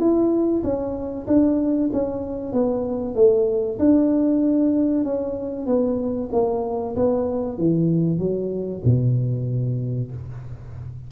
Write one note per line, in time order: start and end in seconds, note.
0.00 0.63 E4
0.63 1.27 C#4
1.27 1.90 D4
1.93 2.53 C#4
2.53 3.16 B3
3.16 3.79 A3
3.79 5.04 D4
5.04 5.67 C#4
5.67 6.30 B3
6.32 6.96 A#3
6.96 7.58 B3
7.58 8.19 E3
8.19 8.82 F#3
8.85 10.11 B2